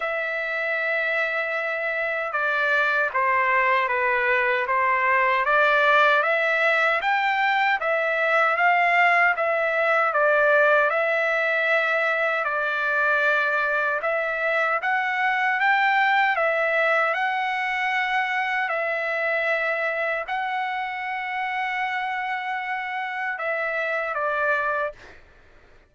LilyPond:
\new Staff \with { instrumentName = "trumpet" } { \time 4/4 \tempo 4 = 77 e''2. d''4 | c''4 b'4 c''4 d''4 | e''4 g''4 e''4 f''4 | e''4 d''4 e''2 |
d''2 e''4 fis''4 | g''4 e''4 fis''2 | e''2 fis''2~ | fis''2 e''4 d''4 | }